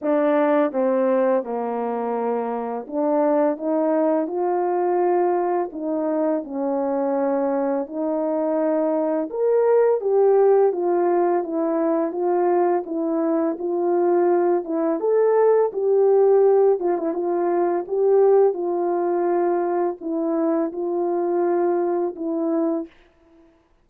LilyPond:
\new Staff \with { instrumentName = "horn" } { \time 4/4 \tempo 4 = 84 d'4 c'4 ais2 | d'4 dis'4 f'2 | dis'4 cis'2 dis'4~ | dis'4 ais'4 g'4 f'4 |
e'4 f'4 e'4 f'4~ | f'8 e'8 a'4 g'4. f'16 e'16 | f'4 g'4 f'2 | e'4 f'2 e'4 | }